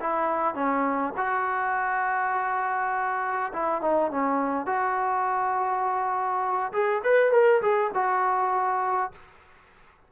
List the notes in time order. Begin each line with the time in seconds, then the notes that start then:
0.00 E4
0.55 C#4
1.17 F#4
3.53 E4
3.81 D#4
4.11 C#4
4.66 F#4
6.72 G#4
7.04 B4
7.32 A#4
7.61 G#4
7.94 F#4